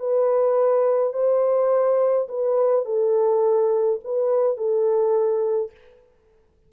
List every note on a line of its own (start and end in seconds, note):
0.00 1.14 B4
1.14 2.28 C5
2.29 2.86 B4
2.86 4.00 A4
4.04 4.57 B4
4.57 5.72 A4